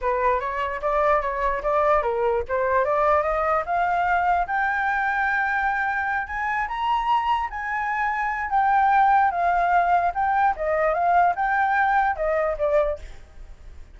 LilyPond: \new Staff \with { instrumentName = "flute" } { \time 4/4 \tempo 4 = 148 b'4 cis''4 d''4 cis''4 | d''4 ais'4 c''4 d''4 | dis''4 f''2 g''4~ | g''2.~ g''8 gis''8~ |
gis''8 ais''2 gis''4.~ | gis''4 g''2 f''4~ | f''4 g''4 dis''4 f''4 | g''2 dis''4 d''4 | }